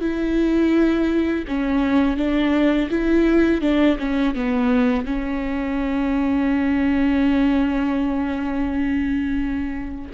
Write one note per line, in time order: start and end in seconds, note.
0.00 1.45 E4
1.47 2.17 C#4
2.17 2.89 D4
2.89 3.61 E4
3.61 3.97 D4
3.99 4.35 C#4
4.35 5.05 B3
5.05 10.11 C#4